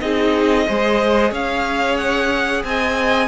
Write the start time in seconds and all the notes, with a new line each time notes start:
0.00 C4 D#4 G#4 D#5
0.67 G#3 G#4 C5
1.31 C#4 C#5 F5
1.97 F#5
2.64 C4 D#5 G#5